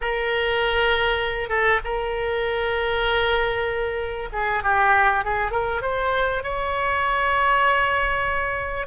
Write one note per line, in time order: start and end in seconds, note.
0.01 1.49 A#4
1.49 1.79 A4
1.84 4.29 A#4
4.32 4.63 G#4
4.63 5.24 G4
5.24 5.51 G#4
5.51 5.81 A#4
5.81 6.43 C5
6.43 8.86 C#5